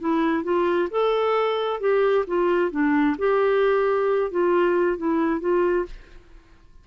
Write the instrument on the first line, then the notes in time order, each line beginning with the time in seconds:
clarinet
0.00 E4
0.44 F4
0.91 A4
1.80 G4
2.27 F4
2.71 D4
3.18 G4
4.31 F4
4.98 E4
5.41 F4